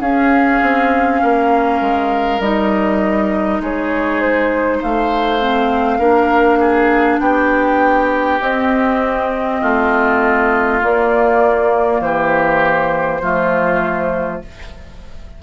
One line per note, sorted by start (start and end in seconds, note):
0.00 2.40 C#4
0.00 0.60 C#4
0.00 1.21 G#4
0.00 2.41 F5
0.61 1.21 C4
1.22 1.80 A#3
1.22 3.62 A#4
1.80 2.40 G#3
2.40 3.60 G3
2.40 5.40 D#4
2.40 3.61 D#5
3.60 4.80 G#3
3.60 4.77 G#4
3.60 4.21 C#5
4.21 4.81 C5
4.77 5.97 C5
4.77 7.19 F5
4.83 5.99 A3
5.40 5.99 C4
5.98 7.19 A#3
5.98 8.39 D4
5.98 6.58 A#4
6.59 7.20 G#4
7.19 8.39 B3
7.19 9.60 G4
7.19 8.39 G5
8.40 9.61 C4
8.40 10.81 C4
8.40 10.80 D#5
9.60 10.82 A3
9.60 12.00 F4
10.81 13.21 A#3
10.81 12.00 A#3
10.81 12.01 D5
12.00 13.20 E3
12.00 13.21 G4
12.00 14.41 C5
13.21 14.41 F3
13.21 14.42 A3
13.21 14.41 F4